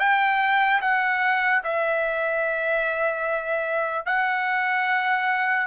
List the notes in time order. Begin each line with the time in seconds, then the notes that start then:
0.00 G5
0.82 F#5
1.64 E5
4.07 F#5